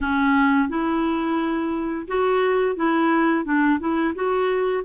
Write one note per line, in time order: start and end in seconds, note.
0.00 0.69 C#4
0.69 2.07 E4
2.07 2.76 F#4
2.76 3.45 E4
3.45 3.79 D4
3.79 4.14 E4
4.14 4.83 F#4